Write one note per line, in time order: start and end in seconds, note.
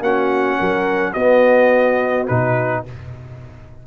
0.00 0.57 A#3
0.00 1.16 C#4
0.00 0.59 F#4
0.00 1.13 F#5
0.59 1.15 F#3
0.59 1.13 A#4
1.13 2.28 B3
1.13 2.29 B3
1.13 2.82 F#4
1.13 2.26 D#5
2.27 2.86 B2
2.27 2.85 D#4
2.27 2.83 B4